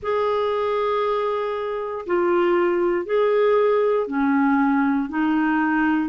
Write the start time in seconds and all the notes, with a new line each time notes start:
0.02 G#4
2.06 F4
3.05 G#4
4.07 C#4
5.09 D#4